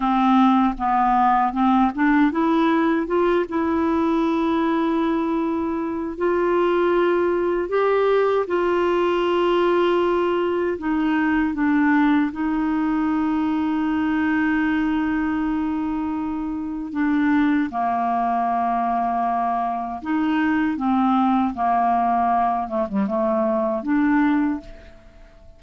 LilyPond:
\new Staff \with { instrumentName = "clarinet" } { \time 4/4 \tempo 4 = 78 c'4 b4 c'8 d'8 e'4 | f'8 e'2.~ e'8 | f'2 g'4 f'4~ | f'2 dis'4 d'4 |
dis'1~ | dis'2 d'4 ais4~ | ais2 dis'4 c'4 | ais4. a16 g16 a4 d'4 | }